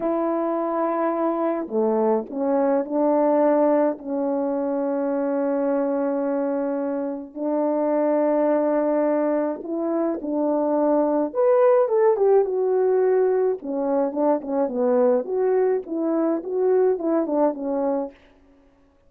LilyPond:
\new Staff \with { instrumentName = "horn" } { \time 4/4 \tempo 4 = 106 e'2. a4 | cis'4 d'2 cis'4~ | cis'1~ | cis'4 d'2.~ |
d'4 e'4 d'2 | b'4 a'8 g'8 fis'2 | cis'4 d'8 cis'8 b4 fis'4 | e'4 fis'4 e'8 d'8 cis'4 | }